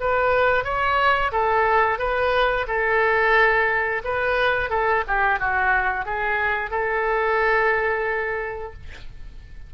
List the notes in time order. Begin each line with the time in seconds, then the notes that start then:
0.00 B4
0.64 C#5
1.31 A4
1.99 B4
2.67 A4
4.04 B4
4.70 A4
5.07 G4
5.39 F#4
6.05 G#4
6.71 A4